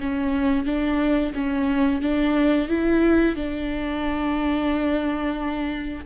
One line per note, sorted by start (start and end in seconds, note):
0.00 0.66 C#4
0.66 1.33 D4
1.35 2.01 C#4
2.01 2.68 D4
2.68 3.36 E4
3.36 6.05 D4